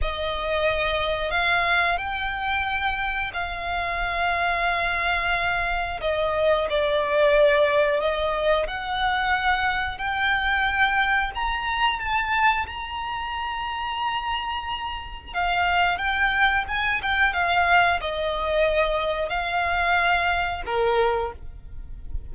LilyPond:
\new Staff \with { instrumentName = "violin" } { \time 4/4 \tempo 4 = 90 dis''2 f''4 g''4~ | g''4 f''2.~ | f''4 dis''4 d''2 | dis''4 fis''2 g''4~ |
g''4 ais''4 a''4 ais''4~ | ais''2. f''4 | g''4 gis''8 g''8 f''4 dis''4~ | dis''4 f''2 ais'4 | }